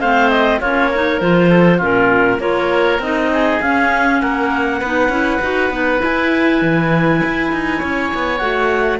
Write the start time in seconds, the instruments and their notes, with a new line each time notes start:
0.00 cello A3, clarinet C4 F5, oboe C5
0.29 clarinet D#5
0.60 cello A#3, clarinet C#4 C#5, oboe F4
0.90 clarinet D#4, oboe A#4
1.20 cello F3, clarinet F4 C5
1.50 oboe A4
1.77 cello A#2, clarinet C#4 A#4, oboe F4
2.39 cello A#3, clarinet F4 C#5, oboe A#4
2.99 cello C4, clarinet D#4 D#5
3.33 oboe G#4
3.61 cello C#4, clarinet C#4 F5
4.21 cello A#3, oboe A#4, clarinet F#5
4.79 cello B3, clarinet D#4, oboe B4
5.08 cello C#4, clarinet E4
5.41 cello D#4, clarinet F#4
5.70 cello B3, clarinet D#4
5.98 clarinet E4 G#5
6.04 cello E4
6.61 cello E3
7.23 cello E4
7.52 cello D#4
7.78 cello C#4, oboe C#5
8.14 cello B3
8.38 cello A3, clarinet F#4 F#5